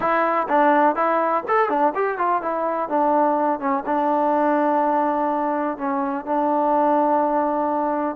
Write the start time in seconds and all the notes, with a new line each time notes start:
0.00 E4
0.48 D4
0.95 E4
1.47 A4
1.69 D4
1.95 G4
2.18 F4
2.42 E4
2.88 D4
3.59 C#4
3.85 D4
5.77 C#4
6.25 D4